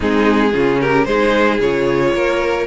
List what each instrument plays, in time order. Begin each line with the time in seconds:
0.00 cello G#3, viola C4, violin D#4 G#4
0.52 cello C#3, viola C#4, violin F4
0.80 violin G4 A#4
1.04 cello G#3, viola D#4, violin G#4 C5
1.59 cello C#3, viola F4, violin C#5
2.13 cello A#3, violin A#4